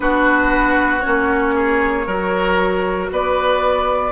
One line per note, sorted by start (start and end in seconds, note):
0.00 1.03 B3
0.00 1.00 D4
0.00 1.54 F#4
0.00 1.00 B4
1.00 2.05 C#4
1.00 3.06 C#5
1.06 2.06 A#3
1.54 2.06 G#4
2.05 3.10 F#3
2.05 4.11 F#4
2.05 3.09 A#4
3.11 4.11 B3
3.11 4.11 B4
3.11 4.11 D5